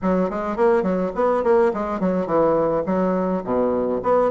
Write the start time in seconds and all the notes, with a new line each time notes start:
0.02 F#3
0.30 G#3
0.56 A#3
0.82 F#3
1.15 B3
1.43 A#3
1.73 G#3
1.99 F#3
2.26 E3
2.86 F#3
3.44 B2
4.02 B3